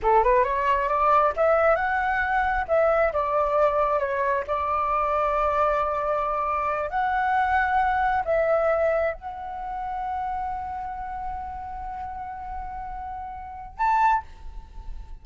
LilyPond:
\new Staff \with { instrumentName = "flute" } { \time 4/4 \tempo 4 = 135 a'8 b'8 cis''4 d''4 e''4 | fis''2 e''4 d''4~ | d''4 cis''4 d''2~ | d''2.~ d''8 fis''8~ |
fis''2~ fis''8 e''4.~ | e''8 fis''2.~ fis''8~ | fis''1~ | fis''2. a''4 | }